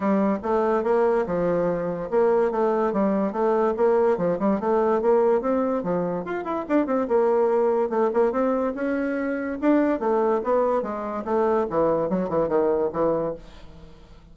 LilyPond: \new Staff \with { instrumentName = "bassoon" } { \time 4/4 \tempo 4 = 144 g4 a4 ais4 f4~ | f4 ais4 a4 g4 | a4 ais4 f8 g8 a4 | ais4 c'4 f4 f'8 e'8 |
d'8 c'8 ais2 a8 ais8 | c'4 cis'2 d'4 | a4 b4 gis4 a4 | e4 fis8 e8 dis4 e4 | }